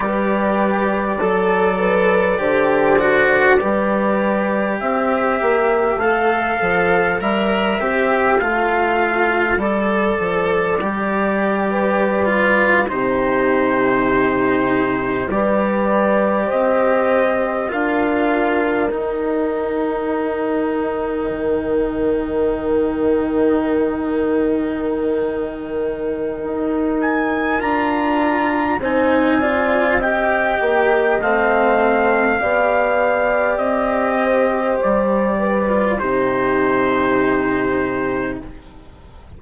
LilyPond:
<<
  \new Staff \with { instrumentName = "trumpet" } { \time 4/4 \tempo 4 = 50 d''1 | e''4 f''4 e''4 f''4 | d''2~ d''8. c''4~ c''16~ | c''8. d''4 dis''4 f''4 g''16~ |
g''1~ | g''2~ g''8 gis''8 ais''4 | gis''4 g''4 f''2 | dis''4 d''4 c''2 | }
  \new Staff \with { instrumentName = "horn" } { \time 4/4 b'4 a'8 b'8 c''4 b'4 | c''1~ | c''4.~ c''16 b'4 g'4~ g'16~ | g'8. b'4 c''4 ais'4~ ais'16~ |
ais'1~ | ais'1 | c''8 d''8 dis''2 d''4~ | d''8 c''4 b'8 g'2 | }
  \new Staff \with { instrumentName = "cello" } { \time 4/4 g'4 a'4 g'8 fis'8 g'4~ | g'4 a'4 ais'8 g'8 f'4 | a'4 g'4~ g'16 f'8 dis'4~ dis'16~ | dis'8. g'2 f'4 dis'16~ |
dis'1~ | dis'2. f'4 | dis'8 f'8 g'4 c'4 g'4~ | g'4.~ g'16 f'16 dis'2 | }
  \new Staff \with { instrumentName = "bassoon" } { \time 4/4 g4 fis4 d4 g4 | c'8 ais8 a8 f8 g8 c'8 a4 | g8 f8 g4.~ g16 c4~ c16~ | c8. g4 c'4 d'4 dis'16~ |
dis'4.~ dis'16 dis2~ dis16~ | dis2 dis'4 d'4 | c'4. ais8 a4 b4 | c'4 g4 c2 | }
>>